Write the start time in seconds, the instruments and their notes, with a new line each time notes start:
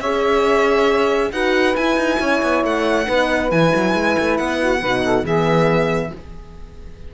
0.00 cello C#4, horn G#4, saxophone C#5, violin E5
1.32 cello D#4, horn F#4, saxophone B4, violin F#5
1.76 horn E4, cello E4, violin G#5
1.97 cello D#4
2.20 cello C#4, saxophone C#5
2.43 cello B3
2.64 cello A3, violin F#5
3.07 cello B3, horn D#4, saxophone B4
3.50 cello E3, horn E4, violin G#5
3.76 cello F#3
3.94 cello G#3
4.19 cello A3
4.38 cello B3, violin F#5
4.60 saxophone F#4
4.80 cello B2, horn D#4, saxophone B4
5.04 saxophone A4
5.24 cello E3, horn B3, saxophone G#4, violin E5